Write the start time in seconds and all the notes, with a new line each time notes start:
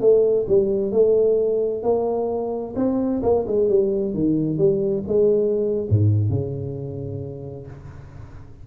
0.00 A3
0.47 G3
0.91 A3
1.82 A#3
2.76 C4
3.22 A#3
3.47 G#3
3.69 G3
4.14 D#3
4.58 G3
5.07 G#3
5.89 G#2
6.29 C#3